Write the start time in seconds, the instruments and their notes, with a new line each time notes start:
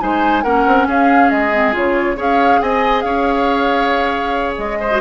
0.00 bassoon G#3, clarinet D#4, oboe C5, flute G#5
0.43 bassoon A#3, clarinet C#4, oboe A#4, flute F#5
0.66 bassoon C4
0.87 bassoon C#4, oboe G#4, flute F5
1.30 bassoon G#3, flute D#5
1.52 clarinet C4
1.72 bassoon C#3, clarinet F4, flute C#5
2.16 bassoon C#4, clarinet G#4, oboe C#5, flute F5
2.61 bassoon C4, oboe D#5, flute G#5
3.01 bassoon C#4, oboe C#5, flute F5
4.57 bassoon G#3, flute D#5
4.80 oboe C5
4.91 clarinet F#4